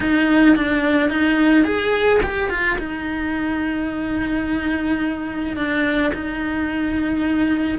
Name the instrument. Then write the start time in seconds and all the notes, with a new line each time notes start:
cello
0.00 D#4
0.56 D4
1.09 D#4
1.64 G#4
2.22 G4
2.49 F4
2.78 D#4
5.56 D4
6.14 D#4